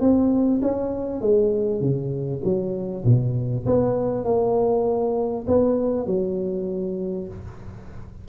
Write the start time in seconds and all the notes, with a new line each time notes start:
0.00 C4
0.62 C#4
1.21 G#3
1.80 C#3
2.44 F#3
3.05 B2
3.66 B3
4.24 A#3
5.47 B3
6.06 F#3